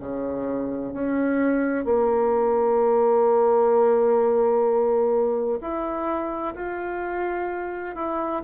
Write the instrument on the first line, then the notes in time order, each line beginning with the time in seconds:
bassoon
0.00 C#3
0.93 C#4
1.85 A#3
5.61 E4
6.55 F4
7.95 E4